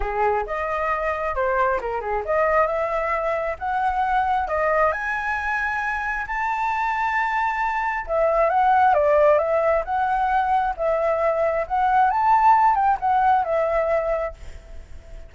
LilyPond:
\new Staff \with { instrumentName = "flute" } { \time 4/4 \tempo 4 = 134 gis'4 dis''2 c''4 | ais'8 gis'8 dis''4 e''2 | fis''2 dis''4 gis''4~ | gis''2 a''2~ |
a''2 e''4 fis''4 | d''4 e''4 fis''2 | e''2 fis''4 a''4~ | a''8 g''8 fis''4 e''2 | }